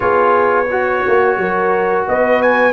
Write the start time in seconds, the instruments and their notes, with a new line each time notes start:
0.00 tuba B3, trombone F4, horn G#4, trumpet C#5
0.70 horn F#4, trombone F#4
1.07 tuba A#3
1.37 tuba F#3, horn A#4
2.07 tuba B3, horn B4, trumpet D#5
2.42 trumpet G#5